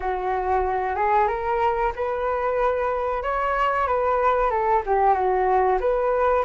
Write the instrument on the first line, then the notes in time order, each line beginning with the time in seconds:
flute
0.00 F#4
0.95 G#4
1.27 A#4
1.95 B4
3.22 C#5
3.87 B4
4.50 A4
4.86 G4
5.13 F#4
5.80 B4